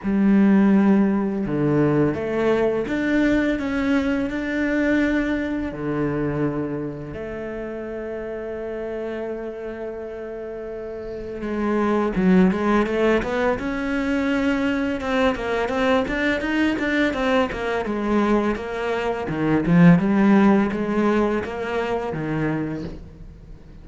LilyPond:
\new Staff \with { instrumentName = "cello" } { \time 4/4 \tempo 4 = 84 g2 d4 a4 | d'4 cis'4 d'2 | d2 a2~ | a1 |
gis4 fis8 gis8 a8 b8 cis'4~ | cis'4 c'8 ais8 c'8 d'8 dis'8 d'8 | c'8 ais8 gis4 ais4 dis8 f8 | g4 gis4 ais4 dis4 | }